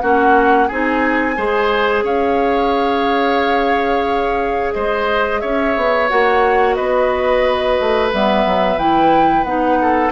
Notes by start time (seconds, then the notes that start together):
0.00 A#3 C#4 F#4 F#5
0.67 C4 D#4 G#4 G#5
1.36 G#3 G#4 C5
2.03 C#4 C#5 F5
4.73 G#3 C5 D#5
5.40 C#4 C#5 E5
5.76 B3
6.08 A#3 F#4 F#5
6.74 B3 B4 D#5
7.80 A3
8.12 G3 B3 E5
8.46 F#3
8.77 E3 E4 G5
9.43 B3 D#4 F#5
9.81 A4